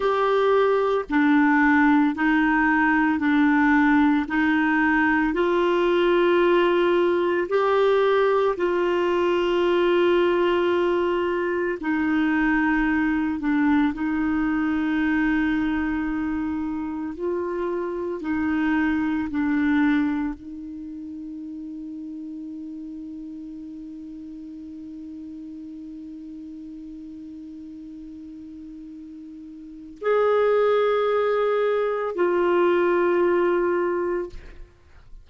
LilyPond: \new Staff \with { instrumentName = "clarinet" } { \time 4/4 \tempo 4 = 56 g'4 d'4 dis'4 d'4 | dis'4 f'2 g'4 | f'2. dis'4~ | dis'8 d'8 dis'2. |
f'4 dis'4 d'4 dis'4~ | dis'1~ | dis'1 | gis'2 f'2 | }